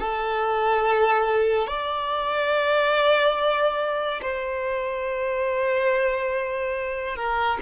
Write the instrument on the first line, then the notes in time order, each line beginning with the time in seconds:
violin
0.00 A4
1.67 D5
4.22 C5
7.16 A#4